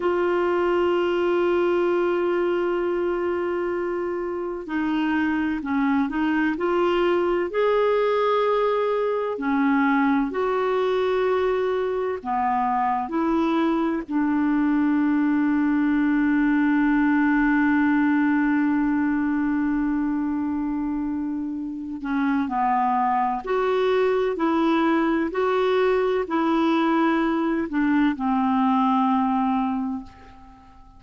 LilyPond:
\new Staff \with { instrumentName = "clarinet" } { \time 4/4 \tempo 4 = 64 f'1~ | f'4 dis'4 cis'8 dis'8 f'4 | gis'2 cis'4 fis'4~ | fis'4 b4 e'4 d'4~ |
d'1~ | d'2.~ d'8 cis'8 | b4 fis'4 e'4 fis'4 | e'4. d'8 c'2 | }